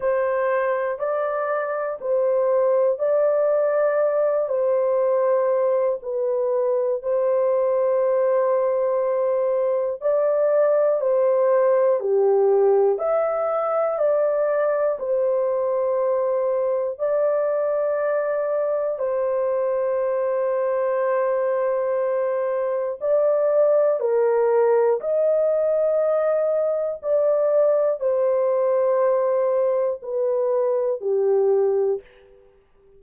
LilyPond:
\new Staff \with { instrumentName = "horn" } { \time 4/4 \tempo 4 = 60 c''4 d''4 c''4 d''4~ | d''8 c''4. b'4 c''4~ | c''2 d''4 c''4 | g'4 e''4 d''4 c''4~ |
c''4 d''2 c''4~ | c''2. d''4 | ais'4 dis''2 d''4 | c''2 b'4 g'4 | }